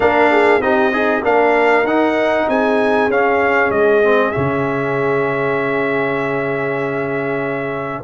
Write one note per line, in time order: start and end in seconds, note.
0.00 0.60 A#3
0.00 0.61 D4
0.00 0.31 A#4
0.00 0.61 F5
0.31 0.62 G#4
0.60 1.22 C4
0.60 0.92 D#4
0.60 0.93 G4
0.60 1.23 D#5
0.92 1.22 D#4
0.92 1.23 G#4
1.22 1.83 A#3
1.22 1.84 D4
1.22 2.46 A#4
1.22 1.86 F5
1.83 2.45 D#4
1.83 3.10 D#4
1.83 2.48 F#5
2.48 3.08 C4
2.48 8.03 G#4
2.48 3.11 G#5
3.08 3.69 C#4
3.08 4.03 C#4
3.08 3.71 F5
3.70 4.32 G#3
3.70 4.31 D#5
4.03 4.32 C4
4.31 8.03 C#3
4.31 8.03 C#4
4.31 8.02 E5